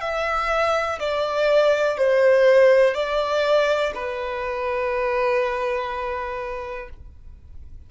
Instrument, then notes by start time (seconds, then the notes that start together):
violin
0.00 E5
0.99 D5
1.97 C5
2.94 D5
3.94 B4